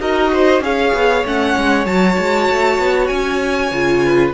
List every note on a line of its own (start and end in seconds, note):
0.00 0.61 D#4
0.00 0.62 F#4
0.00 0.31 A#4
0.00 0.62 D#5
0.32 0.63 C5
0.61 0.91 C#4
0.61 1.24 G#4
0.61 4.04 C#5
0.61 1.26 F5
0.93 1.24 B3
1.24 1.55 A3
1.24 1.86 C#4
1.24 1.86 F#5
1.57 1.86 G#3
1.86 2.17 F#3
1.86 3.71 F#4
1.86 3.07 A5
2.18 2.49 G#3
2.50 2.79 A3
2.79 3.10 B3
3.07 3.71 C#4
3.07 4.31 G#5
3.71 4.33 C#3
3.71 4.33 F4
4.04 4.33 B4